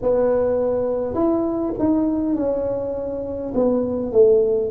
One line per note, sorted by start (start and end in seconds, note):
0.02 1.14 B3
1.14 1.73 E4
1.79 2.35 D#4
2.35 3.53 C#4
3.54 4.12 B3
4.12 4.71 A3